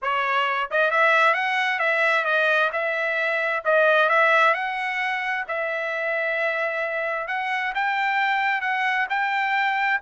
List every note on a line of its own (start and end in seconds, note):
0.01 0.70 C#5
0.70 0.90 D#5
0.90 1.34 E5
1.34 1.79 F#5
1.79 2.24 E5
2.25 2.70 D#5
2.72 3.63 E5
3.64 4.09 D#5
4.09 4.54 E5
4.54 5.44 F#5
5.48 7.27 E5
7.27 7.73 F#5
7.75 8.61 G5
8.61 9.06 F#5
9.09 10.00 G5